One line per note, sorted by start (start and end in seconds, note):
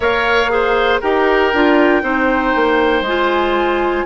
0.00 1.00 A#3
0.00 0.50 A#4
0.00 0.51 C#5
0.00 1.00 F5
0.50 1.01 G#4
0.50 1.00 C5
1.00 1.53 D#4
1.00 1.52 G4
1.00 2.02 A#4
1.00 3.05 G5
1.53 2.02 D4
1.53 2.02 F4
2.02 2.53 C4
2.02 3.03 D#4
2.02 4.06 C5
2.55 3.01 A#3
3.01 4.03 G#3
3.01 4.06 F4
3.01 4.06 G#5